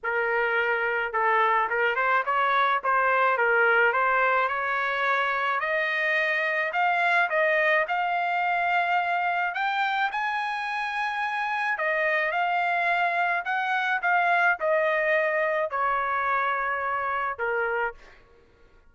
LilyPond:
\new Staff \with { instrumentName = "trumpet" } { \time 4/4 \tempo 4 = 107 ais'2 a'4 ais'8 c''8 | cis''4 c''4 ais'4 c''4 | cis''2 dis''2 | f''4 dis''4 f''2~ |
f''4 g''4 gis''2~ | gis''4 dis''4 f''2 | fis''4 f''4 dis''2 | cis''2. ais'4 | }